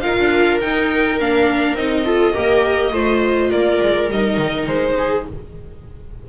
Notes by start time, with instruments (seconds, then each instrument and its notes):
0.00 double bass D#4, viola F4 A#4, violin F5
0.19 double bass D4
0.60 viola D#4, double bass D#4, violin G5
1.20 double bass A#3, viola D4, violin F5
1.74 double bass C4, viola D#4, violin D#5
2.05 viola F4 A4
2.33 double bass A#3, viola G4 A#4
2.92 double bass A3, viola F4 C5
3.50 double bass A#3, viola A#4, violin D5
3.82 double bass G#3
4.10 double bass G3, viola D#4, violin D#5
4.37 double bass D#3
4.66 double bass G#3, violin C5
4.98 viola G#4